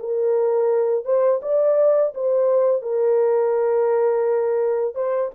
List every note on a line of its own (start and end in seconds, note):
0.00 1.05 A#4
1.05 1.41 C5
1.42 2.14 D5
2.15 2.82 C5
2.82 4.95 A#4
4.95 5.31 C5